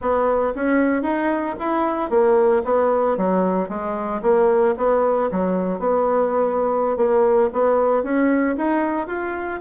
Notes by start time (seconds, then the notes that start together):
0.01 B3
0.55 C#4
1.02 D#4
1.59 E4
2.10 A#3
2.64 B3
3.17 F#3
3.68 G#3
4.22 A#3
4.77 B3
5.31 F#3
5.79 B3
6.97 A#3
7.52 B3
8.03 C#4
8.56 D#4
9.07 F4